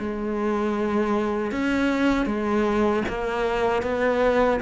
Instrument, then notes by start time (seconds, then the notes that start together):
cello
0.00 G#3
1.52 C#4
2.27 G#3
3.09 A#3
3.83 B3